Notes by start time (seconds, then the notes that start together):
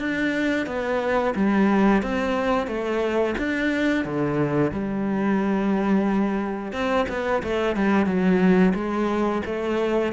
0.00 D4
0.67 B3
1.35 G3
2.03 C4
2.68 A3
3.38 D4
4.05 D3
4.72 G3
6.73 C4
7.09 B3
7.43 A3
7.77 G3
8.06 F#3
8.75 G#3
9.46 A3